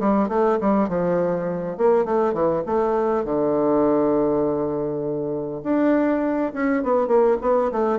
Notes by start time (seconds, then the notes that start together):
0.00 G3
0.29 A3
0.61 G3
0.89 F3
1.78 A#3
2.05 A3
2.34 E3
2.66 A3
3.25 D3
5.64 D4
6.54 C#4
6.83 B3
7.08 A#3
7.42 B3
7.72 A3